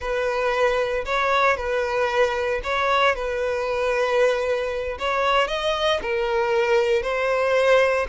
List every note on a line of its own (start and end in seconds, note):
0.00 1.05 B4
1.05 1.57 C#5
1.57 2.61 B4
2.63 3.15 C#5
3.15 4.98 B4
4.98 5.47 C#5
5.47 6.00 D#5
6.02 7.02 A#4
7.02 8.06 C5